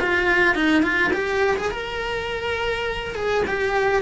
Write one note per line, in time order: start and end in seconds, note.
0.00 0.55 F4
0.55 0.83 D#4
0.83 1.12 F4
1.13 1.57 G4
1.57 1.71 G#4
1.71 3.15 A#4
3.15 3.44 G#4
3.48 4.02 G4